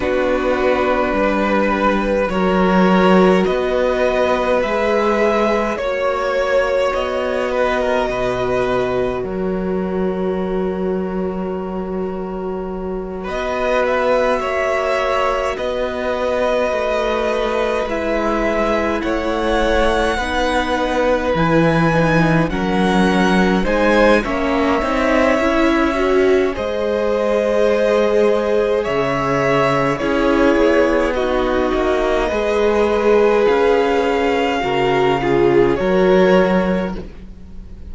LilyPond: <<
  \new Staff \with { instrumentName = "violin" } { \time 4/4 \tempo 4 = 52 b'2 cis''4 dis''4 | e''4 cis''4 dis''2 | cis''2.~ cis''8 dis''8 | e''4. dis''2 e''8~ |
e''8 fis''2 gis''4 fis''8~ | fis''8 gis''8 e''2 dis''4~ | dis''4 e''4 cis''4 dis''4~ | dis''4 f''2 cis''4 | }
  \new Staff \with { instrumentName = "violin" } { \time 4/4 fis'4 b'4 ais'4 b'4~ | b'4 cis''4. b'16 ais'16 b'4 | ais'2.~ ais'8 b'8~ | b'8 cis''4 b'2~ b'8~ |
b'8 cis''4 b'2 ais'8~ | ais'8 c''8 cis''2 c''4~ | c''4 cis''4 gis'4 fis'4 | b'2 ais'8 gis'8 ais'4 | }
  \new Staff \with { instrumentName = "viola" } { \time 4/4 d'2 fis'2 | gis'4 fis'2.~ | fis'1~ | fis'2.~ fis'8 e'8~ |
e'4. dis'4 e'8 dis'8 cis'8~ | cis'8 dis'8 cis'8 dis'8 e'8 fis'8 gis'4~ | gis'2 e'4 dis'4 | gis'2 fis'8 f'8 fis'4 | }
  \new Staff \with { instrumentName = "cello" } { \time 4/4 b4 g4 fis4 b4 | gis4 ais4 b4 b,4 | fis2.~ fis8 b8~ | b8 ais4 b4 a4 gis8~ |
gis8 a4 b4 e4 fis8~ | fis8 gis8 ais8 c'8 cis'4 gis4~ | gis4 cis4 cis'8 b4 ais8 | gis4 cis'4 cis4 fis4 | }
>>